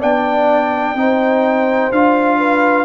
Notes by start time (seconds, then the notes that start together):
0.00 B3 D4 D5 G5
0.95 C4 D#4 C5
1.91 D4 F4 F5
2.39 B4